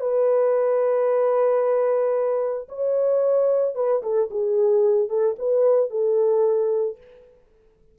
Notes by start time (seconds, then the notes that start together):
0.00 B4
2.68 C#5
3.75 B4
4.02 A4
4.30 G#4
5.09 A4
5.38 B4
5.90 A4